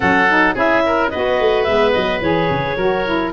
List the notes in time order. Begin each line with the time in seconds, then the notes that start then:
0.00 F#3 C#4 A4 F#5
0.29 D#4
0.54 C#4 E4 G#4 E5
0.86 A#4
1.09 B3 F#4 B4 D#5
1.40 A3
1.63 G#3 B3 E5
1.92 F#3 D#5
2.21 E3 G#4 C#5
2.50 C#3
2.76 F#3 F#4 A#4
3.05 E4